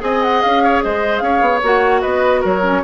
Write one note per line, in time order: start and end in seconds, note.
0.00 0.42 C4
0.00 1.61 G#4
0.00 0.63 D#5
0.00 0.22 G#5
0.22 0.42 F#5
0.42 0.85 C#4
0.42 0.82 F5
0.63 0.83 C#5
0.82 1.21 G#3
0.82 1.23 C5
0.82 1.19 D#5
1.19 1.41 C#4
1.19 2.02 C#5
1.19 1.59 F5
1.41 1.61 B3
1.62 2.03 A#3
1.62 2.63 F#4
1.62 2.02 F#5
2.02 2.44 B3
2.02 2.41 B4
2.02 2.42 D#5
2.41 2.84 F#3
2.41 2.81 A#4
2.41 2.84 C#5
2.63 2.83 C#4